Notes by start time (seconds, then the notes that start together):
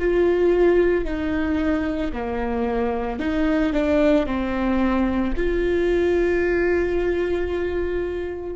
0.00 F4
1.05 D#4
2.13 A#3
3.20 D#4
3.74 D4
4.27 C4
5.37 F4